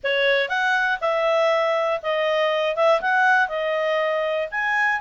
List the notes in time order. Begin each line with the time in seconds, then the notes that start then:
0.03 C#5
0.48 F#5
1.00 E5
2.02 D#5
2.75 E5
3.01 F#5
3.48 D#5
4.51 G#5